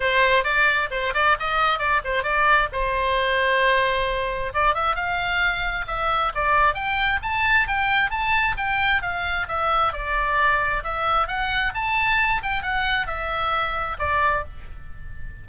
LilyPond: \new Staff \with { instrumentName = "oboe" } { \time 4/4 \tempo 4 = 133 c''4 d''4 c''8 d''8 dis''4 | d''8 c''8 d''4 c''2~ | c''2 d''8 e''8 f''4~ | f''4 e''4 d''4 g''4 |
a''4 g''4 a''4 g''4 | f''4 e''4 d''2 | e''4 fis''4 a''4. g''8 | fis''4 e''2 d''4 | }